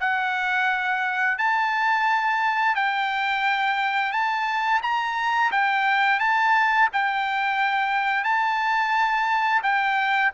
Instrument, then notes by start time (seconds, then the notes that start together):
trumpet
0.00 F#5
1.38 A5
2.75 G5
4.12 A5
4.82 A#5
5.51 G5
6.20 A5
6.93 G5
8.24 A5
9.63 G5